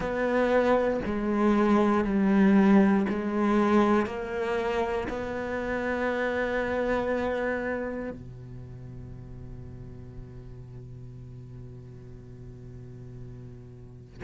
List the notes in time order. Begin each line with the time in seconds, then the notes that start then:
0.00 B3
1.05 G#3
2.04 G3
3.09 G#3
4.05 A#3
5.08 B3
8.11 B2